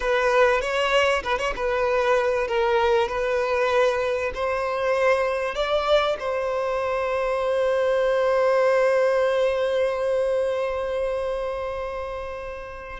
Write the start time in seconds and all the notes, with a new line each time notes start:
0.00 B4
0.61 C#5
1.23 B4
1.38 C#5
1.55 B4
2.47 A#4
3.08 B4
4.34 C5
5.54 D5
6.19 C5